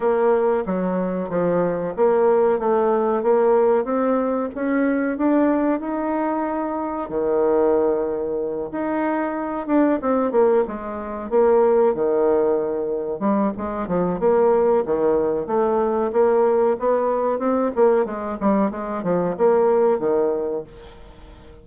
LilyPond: \new Staff \with { instrumentName = "bassoon" } { \time 4/4 \tempo 4 = 93 ais4 fis4 f4 ais4 | a4 ais4 c'4 cis'4 | d'4 dis'2 dis4~ | dis4. dis'4. d'8 c'8 |
ais8 gis4 ais4 dis4.~ | dis8 g8 gis8 f8 ais4 dis4 | a4 ais4 b4 c'8 ais8 | gis8 g8 gis8 f8 ais4 dis4 | }